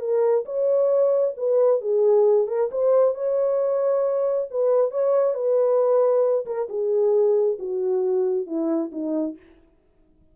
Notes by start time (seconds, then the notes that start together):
0.00 A#4
0.45 C#5
1.37 B4
1.81 G#4
2.47 A#4
2.71 C5
3.15 C#5
4.51 B4
4.91 C#5
5.34 B4
6.46 A#4
6.69 G#4
7.59 F#4
8.47 E4
8.92 D#4